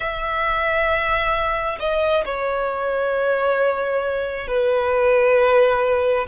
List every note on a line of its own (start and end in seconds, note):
0.00 1.78 E5
1.79 2.24 D#5
2.25 4.47 C#5
4.47 6.26 B4